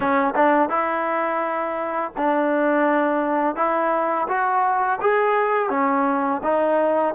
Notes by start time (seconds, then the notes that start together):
0.00 C#4
0.35 D4
0.69 E4
2.17 D4
3.55 E4
4.28 F#4
5.00 G#4
5.69 C#4
6.43 D#4